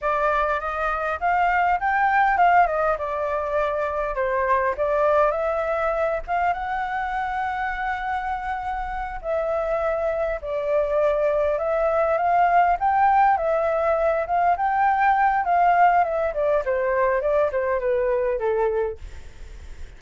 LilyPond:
\new Staff \with { instrumentName = "flute" } { \time 4/4 \tempo 4 = 101 d''4 dis''4 f''4 g''4 | f''8 dis''8 d''2 c''4 | d''4 e''4. f''8 fis''4~ | fis''2.~ fis''8 e''8~ |
e''4. d''2 e''8~ | e''8 f''4 g''4 e''4. | f''8 g''4. f''4 e''8 d''8 | c''4 d''8 c''8 b'4 a'4 | }